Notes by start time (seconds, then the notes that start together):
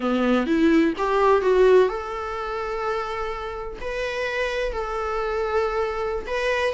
0.00 B3
0.46 E4
0.97 G4
1.41 F#4
1.89 A4
3.80 B4
4.72 A4
6.26 B4